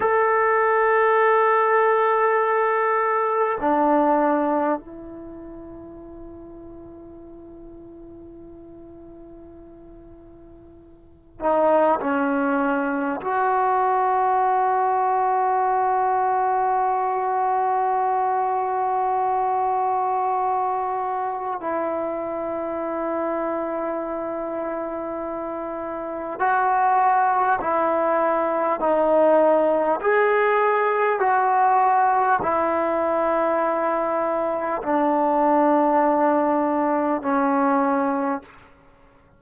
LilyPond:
\new Staff \with { instrumentName = "trombone" } { \time 4/4 \tempo 4 = 50 a'2. d'4 | e'1~ | e'4. dis'8 cis'4 fis'4~ | fis'1~ |
fis'2 e'2~ | e'2 fis'4 e'4 | dis'4 gis'4 fis'4 e'4~ | e'4 d'2 cis'4 | }